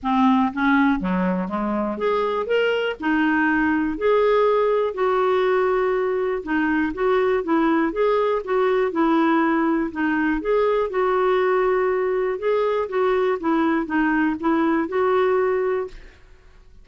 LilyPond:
\new Staff \with { instrumentName = "clarinet" } { \time 4/4 \tempo 4 = 121 c'4 cis'4 fis4 gis4 | gis'4 ais'4 dis'2 | gis'2 fis'2~ | fis'4 dis'4 fis'4 e'4 |
gis'4 fis'4 e'2 | dis'4 gis'4 fis'2~ | fis'4 gis'4 fis'4 e'4 | dis'4 e'4 fis'2 | }